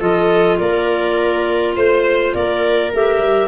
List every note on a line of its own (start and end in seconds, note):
0.00 0.59 F3
0.00 2.91 F4
0.00 0.58 A4
0.00 0.59 D#5
0.59 1.76 A#3
0.59 1.76 A#4
0.59 1.75 D5
1.76 2.34 A3
1.76 2.34 C5
2.34 2.93 A#3
2.34 3.48 A#4
2.34 2.92 D5
2.94 3.19 A3
2.94 3.48 G4
2.94 3.48 E5
3.19 3.48 G3